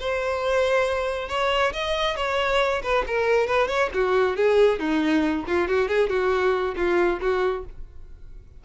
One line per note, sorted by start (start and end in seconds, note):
0.00 1.29 C5
1.29 1.73 C#5
1.73 2.17 D#5
2.17 2.82 C#5
2.83 3.05 B4
3.07 3.47 A#4
3.47 3.68 B4
3.68 3.90 C#5
3.94 4.37 F#4
4.37 4.80 G#4
4.80 5.45 D#4
5.47 5.68 F4
5.68 5.88 F#4
5.88 6.10 G#4
6.10 6.75 F#4
6.76 7.20 F4
7.21 7.65 F#4